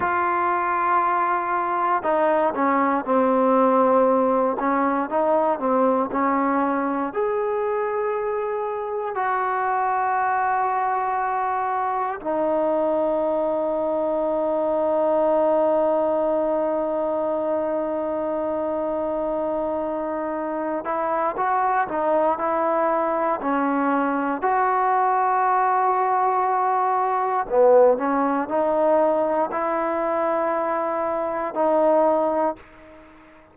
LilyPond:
\new Staff \with { instrumentName = "trombone" } { \time 4/4 \tempo 4 = 59 f'2 dis'8 cis'8 c'4~ | c'8 cis'8 dis'8 c'8 cis'4 gis'4~ | gis'4 fis'2. | dis'1~ |
dis'1~ | dis'8 e'8 fis'8 dis'8 e'4 cis'4 | fis'2. b8 cis'8 | dis'4 e'2 dis'4 | }